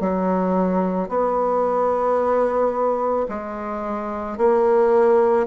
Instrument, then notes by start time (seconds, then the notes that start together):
bassoon
0.00 F#3
1.08 B3
3.29 G#3
4.37 A#3